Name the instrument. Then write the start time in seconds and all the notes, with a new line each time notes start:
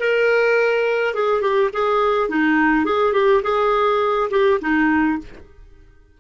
clarinet
0.00 A#4
1.14 G#4
1.42 G4
1.73 G#4
2.29 D#4
2.86 G#4
3.13 G4
3.43 G#4
4.31 G4
4.61 D#4